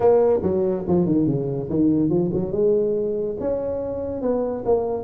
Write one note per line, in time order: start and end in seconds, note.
0.00 0.40 A#3
0.42 0.84 F#3
0.87 1.05 F3
1.05 1.26 D#3
1.26 1.68 C#3
1.69 2.09 D#3
2.09 2.30 F3
2.33 2.52 F#3
2.52 3.36 G#3
3.39 4.21 C#4
4.21 4.64 B3
4.65 5.03 A#3